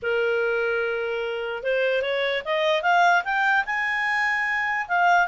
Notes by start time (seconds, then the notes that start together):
0.02 A#4
1.63 C5
2.02 C#5
2.45 D#5
2.82 F5
3.24 G5
3.65 G#5
4.87 F5